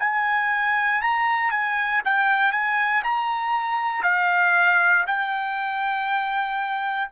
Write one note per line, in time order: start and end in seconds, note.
0.00 1.02 G#5
1.02 1.51 A#5
1.51 2.02 G#5
2.05 2.52 G5
2.52 3.03 G#5
3.04 4.03 A#5
4.03 5.05 F5
5.07 7.10 G5